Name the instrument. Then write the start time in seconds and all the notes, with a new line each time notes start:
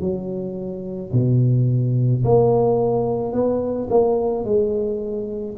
tuba
0.00 F#3
1.12 B2
2.24 A#3
3.32 B3
3.89 A#3
4.44 G#3